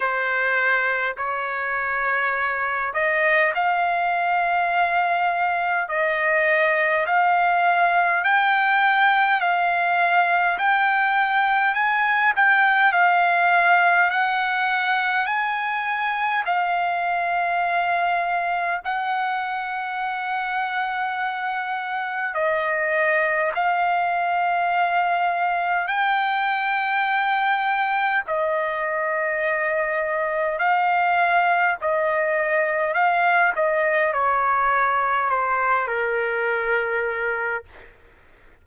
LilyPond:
\new Staff \with { instrumentName = "trumpet" } { \time 4/4 \tempo 4 = 51 c''4 cis''4. dis''8 f''4~ | f''4 dis''4 f''4 g''4 | f''4 g''4 gis''8 g''8 f''4 | fis''4 gis''4 f''2 |
fis''2. dis''4 | f''2 g''2 | dis''2 f''4 dis''4 | f''8 dis''8 cis''4 c''8 ais'4. | }